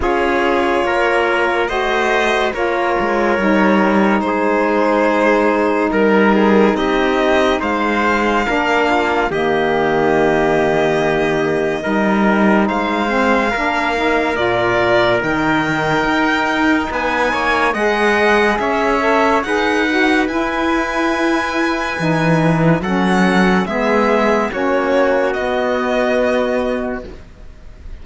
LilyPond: <<
  \new Staff \with { instrumentName = "violin" } { \time 4/4 \tempo 4 = 71 cis''2 dis''4 cis''4~ | cis''4 c''2 ais'4 | dis''4 f''2 dis''4~ | dis''2. f''4~ |
f''4 d''4 g''2 | gis''4 fis''4 e''4 fis''4 | gis''2. fis''4 | e''4 cis''4 dis''2 | }
  \new Staff \with { instrumentName = "trumpet" } { \time 4/4 gis'4 ais'4 c''4 ais'4~ | ais'4 gis'2 ais'8 gis'8 | g'4 c''4 ais'8 f'8 g'4~ | g'2 ais'4 c''4 |
ais'1 | b'8 cis''8 dis''4 cis''4 b'4~ | b'2. a'4 | gis'4 fis'2. | }
  \new Staff \with { instrumentName = "saxophone" } { \time 4/4 f'2 fis'4 f'4 | dis'1~ | dis'2 d'4 ais4~ | ais2 dis'4. c'8 |
d'8 dis'8 f'4 dis'2~ | dis'4 gis'4. a'8 gis'8 fis'8 | e'2 dis'4 cis'4 | b4 cis'4 b2 | }
  \new Staff \with { instrumentName = "cello" } { \time 4/4 cis'4 ais4 a4 ais8 gis8 | g4 gis2 g4 | c'4 gis4 ais4 dis4~ | dis2 g4 gis4 |
ais4 ais,4 dis4 dis'4 | b8 ais8 gis4 cis'4 dis'4 | e'2 e4 fis4 | gis4 ais4 b2 | }
>>